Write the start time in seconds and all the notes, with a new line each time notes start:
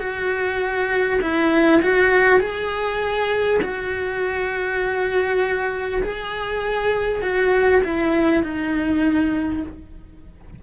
0.00 F#4
1.22 E4
1.82 F#4
2.40 G#4
3.62 F#4
6.03 G#4
7.22 F#4
7.84 E4
8.43 D#4